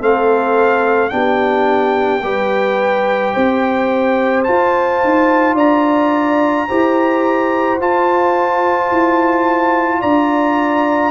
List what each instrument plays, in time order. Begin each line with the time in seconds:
0.00 tuba A3, trombone C4, horn A4, trumpet F5
1.09 tuba B3, trombone D4, horn G4, trumpet G5
2.23 tuba G3, trombone G4, horn B4
3.34 tuba C4, horn C5
4.44 trombone F4, tuba F4, trumpet A5
5.04 tuba D#4
5.54 tuba D4, horn D5, trumpet A#5
6.68 tuba E4, trombone G4, horn C5
7.79 tuba F4, trombone F4, trumpet A5
8.91 tuba E4
10.00 tuba D4, horn D5, trumpet A#5